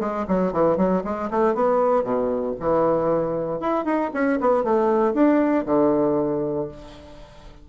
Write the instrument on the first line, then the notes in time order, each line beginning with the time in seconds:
bassoon
0.00 G#3
0.28 F#3
0.52 E3
0.77 F#3
1.04 G#3
1.30 A3
1.54 B3
2.03 B2
2.59 E3
3.60 E4
3.85 D#4
4.14 C#4
4.41 B3
4.63 A3
5.14 D4
5.66 D3